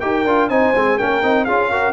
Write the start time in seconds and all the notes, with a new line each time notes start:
0.00 D#4 G4 A#4 G5
0.24 D4 F4
0.49 C4 D#4 C5 G#5
0.75 G#3 C4
0.97 A#3 C#4 A#4 G5
1.23 C4 D#4
1.45 C#4 F4 G#4 F5
1.70 F#4 A#4